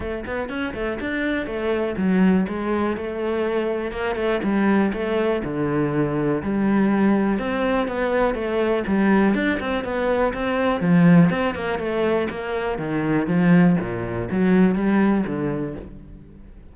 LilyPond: \new Staff \with { instrumentName = "cello" } { \time 4/4 \tempo 4 = 122 a8 b8 cis'8 a8 d'4 a4 | fis4 gis4 a2 | ais8 a8 g4 a4 d4~ | d4 g2 c'4 |
b4 a4 g4 d'8 c'8 | b4 c'4 f4 c'8 ais8 | a4 ais4 dis4 f4 | ais,4 fis4 g4 d4 | }